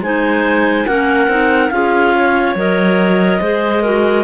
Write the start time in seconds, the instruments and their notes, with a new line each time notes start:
0.00 cello G#3, clarinet D#4 C5 G#5
0.86 cello A#3, clarinet C#4 A#4 F#5
1.27 cello C4, clarinet D#4
1.69 cello C#4, clarinet F4 G#4 F5
2.14 clarinet C#5
2.55 cello F#3, clarinet A#4 D#5
3.40 cello G#3, clarinet G#4 C5
3.82 clarinet F#4 A#4